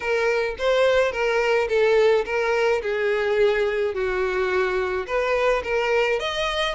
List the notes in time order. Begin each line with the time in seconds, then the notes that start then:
0.00 A#4
0.58 C5
1.12 A#4
1.68 A4
2.25 A#4
2.82 G#4
3.94 F#4
5.06 B4
5.63 A#4
6.19 D#5